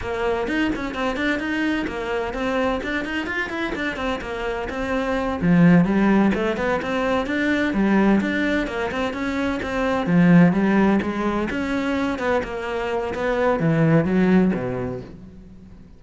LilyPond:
\new Staff \with { instrumentName = "cello" } { \time 4/4 \tempo 4 = 128 ais4 dis'8 cis'8 c'8 d'8 dis'4 | ais4 c'4 d'8 dis'8 f'8 e'8 | d'8 c'8 ais4 c'4. f8~ | f8 g4 a8 b8 c'4 d'8~ |
d'8 g4 d'4 ais8 c'8 cis'8~ | cis'8 c'4 f4 g4 gis8~ | gis8 cis'4. b8 ais4. | b4 e4 fis4 b,4 | }